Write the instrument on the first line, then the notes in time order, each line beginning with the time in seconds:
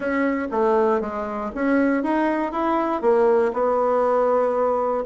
bassoon
0.00 C#4
0.51 A3
1.00 G#3
1.54 C#4
2.03 D#4
2.52 E4
3.01 A#3
3.53 B3